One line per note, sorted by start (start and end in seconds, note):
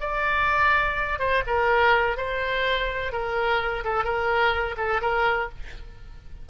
0.00 1.19 D5
1.19 1.43 C5
1.46 2.17 A#4
2.17 3.12 C5
3.12 3.84 A#4
3.84 4.04 A4
4.04 4.76 A#4
4.77 5.01 A4
5.01 5.49 A#4